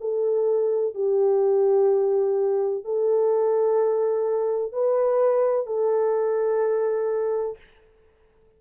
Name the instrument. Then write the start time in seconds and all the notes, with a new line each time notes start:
horn
0.00 A4
0.94 G4
2.84 A4
4.72 B4
5.66 A4